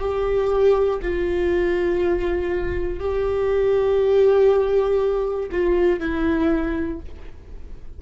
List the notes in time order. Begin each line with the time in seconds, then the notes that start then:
0.00 G4
1.02 F4
3.00 G4
5.52 F4
6.00 E4